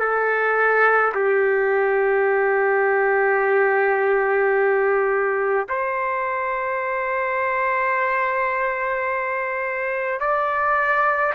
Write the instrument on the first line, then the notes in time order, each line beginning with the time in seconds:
trumpet
0.00 A4
1.14 G4
5.69 C5
10.20 D5